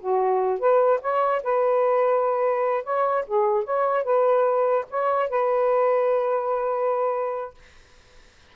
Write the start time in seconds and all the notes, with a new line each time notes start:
0.00 F#4
0.59 B4
1.01 C#5
1.43 B4
2.84 C#5
3.27 G#4
3.64 C#5
4.04 B4
4.90 C#5
5.29 B4